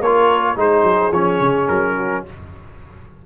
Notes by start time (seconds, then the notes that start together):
0.00 A#3 F4 A#4 C#5
0.56 G#3 D#4 G#4 C5
0.83 F#3
1.12 F3 C#4 C#5
1.39 C#3
1.68 F#3 A#4
1.96 F#4